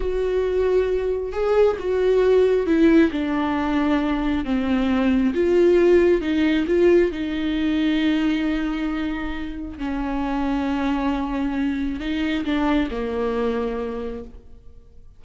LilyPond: \new Staff \with { instrumentName = "viola" } { \time 4/4 \tempo 4 = 135 fis'2. gis'4 | fis'2 e'4 d'4~ | d'2 c'2 | f'2 dis'4 f'4 |
dis'1~ | dis'2 cis'2~ | cis'2. dis'4 | d'4 ais2. | }